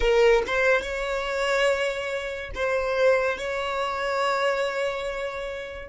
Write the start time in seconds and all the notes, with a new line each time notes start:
0.00 A#4
0.46 C5
0.81 C#5
2.54 C5
3.38 C#5